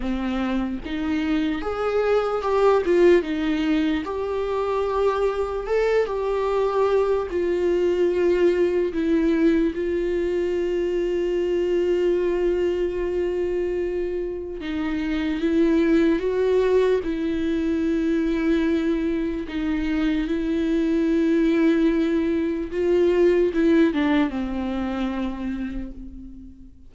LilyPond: \new Staff \with { instrumentName = "viola" } { \time 4/4 \tempo 4 = 74 c'4 dis'4 gis'4 g'8 f'8 | dis'4 g'2 a'8 g'8~ | g'4 f'2 e'4 | f'1~ |
f'2 dis'4 e'4 | fis'4 e'2. | dis'4 e'2. | f'4 e'8 d'8 c'2 | }